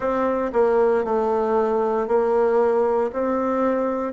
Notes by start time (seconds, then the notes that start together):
0.00 C4
0.52 A#3
1.04 A3
2.07 A#3
3.12 C4